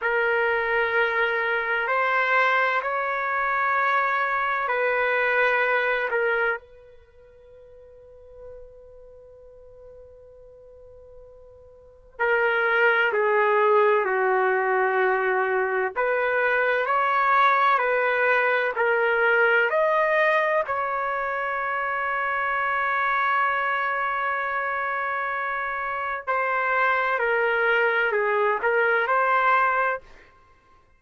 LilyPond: \new Staff \with { instrumentName = "trumpet" } { \time 4/4 \tempo 4 = 64 ais'2 c''4 cis''4~ | cis''4 b'4. ais'8 b'4~ | b'1~ | b'4 ais'4 gis'4 fis'4~ |
fis'4 b'4 cis''4 b'4 | ais'4 dis''4 cis''2~ | cis''1 | c''4 ais'4 gis'8 ais'8 c''4 | }